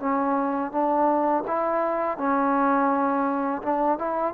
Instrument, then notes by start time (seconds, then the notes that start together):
trombone
0.00 C#4
0.72 D4
1.48 E4
2.18 C#4
3.63 D4
3.99 E4